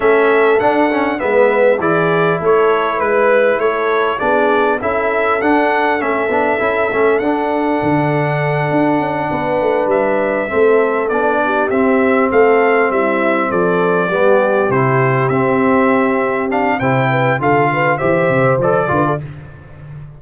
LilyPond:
<<
  \new Staff \with { instrumentName = "trumpet" } { \time 4/4 \tempo 4 = 100 e''4 fis''4 e''4 d''4 | cis''4 b'4 cis''4 d''4 | e''4 fis''4 e''2 | fis''1~ |
fis''8 e''2 d''4 e''8~ | e''8 f''4 e''4 d''4.~ | d''8 c''4 e''2 f''8 | g''4 f''4 e''4 d''4 | }
  \new Staff \with { instrumentName = "horn" } { \time 4/4 a'2 b'4 gis'4 | a'4 b'4 a'4 gis'4 | a'1~ | a'2.~ a'8 b'8~ |
b'4. a'4. g'4~ | g'8 a'4 e'4 a'4 g'8~ | g'1 | c''8 b'8 a'8 b'8 c''4. b'16 a'16 | }
  \new Staff \with { instrumentName = "trombone" } { \time 4/4 cis'4 d'8 cis'8 b4 e'4~ | e'2. d'4 | e'4 d'4 cis'8 d'8 e'8 cis'8 | d'1~ |
d'4. c'4 d'4 c'8~ | c'2.~ c'8 b8~ | b8 e'4 c'2 d'8 | e'4 f'4 g'4 a'8 f'8 | }
  \new Staff \with { instrumentName = "tuba" } { \time 4/4 a4 d'4 gis4 e4 | a4 gis4 a4 b4 | cis'4 d'4 a8 b8 cis'8 a8 | d'4 d4. d'8 cis'8 b8 |
a8 g4 a4 b4 c'8~ | c'8 a4 g4 f4 g8~ | g8 c4 c'2~ c'8 | c4 d4 e8 c8 f8 d8 | }
>>